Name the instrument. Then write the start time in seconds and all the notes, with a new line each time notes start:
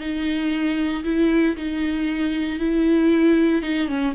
viola
0.00 D#4
1.04 E4
1.56 D#4
2.59 E4
3.62 D#4
3.87 C#4